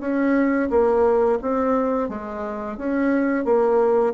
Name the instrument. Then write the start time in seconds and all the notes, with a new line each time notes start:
bassoon
0.00 C#4
0.70 A#3
1.42 C4
2.09 G#3
2.77 C#4
3.45 A#3